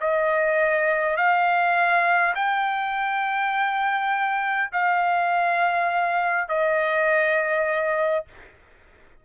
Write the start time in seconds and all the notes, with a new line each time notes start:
0.00 D#5
1.17 F5
2.35 G5
4.72 F5
6.49 D#5